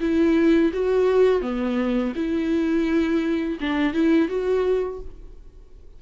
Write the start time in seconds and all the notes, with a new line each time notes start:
0.00 E4
0.73 F#4
1.41 B3
2.15 E4
3.60 D4
3.94 E4
4.28 F#4